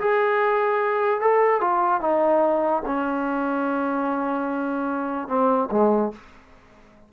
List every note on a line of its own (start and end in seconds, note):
0.00 1.21 G#4
1.21 1.61 A4
1.61 2.01 F4
2.01 2.83 D#4
2.86 5.28 C#4
5.28 5.69 C4
5.72 6.12 G#3